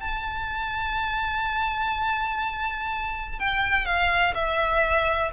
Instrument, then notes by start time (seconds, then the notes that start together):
violin
0.00 A5
3.39 G5
3.85 F5
4.34 E5